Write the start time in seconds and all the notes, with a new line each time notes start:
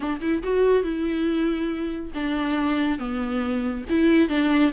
0.00 D4
0.21 E4
0.43 F#4
0.83 E4
2.14 D4
2.98 B3
3.89 E4
4.28 D4